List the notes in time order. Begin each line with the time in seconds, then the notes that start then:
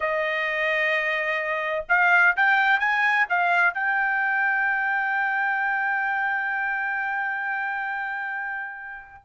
0.00 D#5
1.89 F5
2.36 G5
2.79 G#5
3.29 F5
3.74 G5